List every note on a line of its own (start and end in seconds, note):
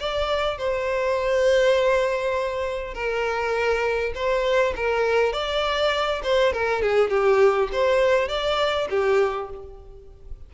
0.00 0.59 D5
0.59 2.94 C5
2.94 4.13 A#4
4.15 4.74 C5
4.76 5.33 A#4
5.33 6.22 D5
6.23 6.53 C5
6.53 6.82 A#4
6.82 7.10 G#4
7.10 7.70 G4
7.73 8.29 C5
8.29 8.88 D5
8.90 9.50 G4